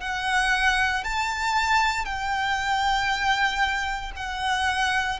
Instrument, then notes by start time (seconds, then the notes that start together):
violin
0.00 F#5
1.04 A5
2.05 G5
4.16 F#5